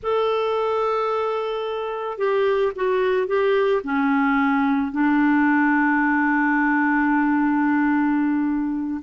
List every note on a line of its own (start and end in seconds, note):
0.02 2.18 A4
2.18 2.72 G4
2.75 3.27 F#4
3.27 3.82 G4
3.83 4.91 C#4
4.91 9.00 D4